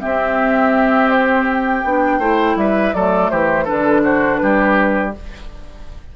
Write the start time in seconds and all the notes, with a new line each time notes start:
0.00 C4 G4 E5
1.10 C5
1.50 G5
1.84 B3 D4
2.19 A3 E4 C5
2.56 G3 B4 E5
2.94 F#3 A3 A4 D5
3.30 E3 G4 C5
3.65 D3 D4 A4 B4
4.04 F#4 C5
4.37 G3 G4 B4